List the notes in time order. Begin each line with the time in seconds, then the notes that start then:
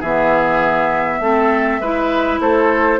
0.00 E3 B3 G#4 E5
1.20 A3 C4 A4
1.80 G#3 E4 B4
2.40 A3 A4 C5